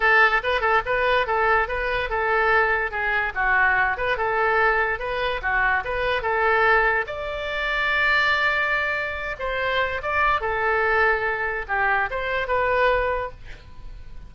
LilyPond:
\new Staff \with { instrumentName = "oboe" } { \time 4/4 \tempo 4 = 144 a'4 b'8 a'8 b'4 a'4 | b'4 a'2 gis'4 | fis'4. b'8 a'2 | b'4 fis'4 b'4 a'4~ |
a'4 d''2.~ | d''2~ d''8 c''4. | d''4 a'2. | g'4 c''4 b'2 | }